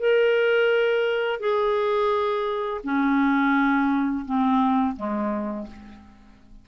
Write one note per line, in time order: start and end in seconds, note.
0.00 1.40 A#4
1.40 2.81 G#4
2.84 4.25 C#4
4.26 4.96 C4
4.97 5.67 G#3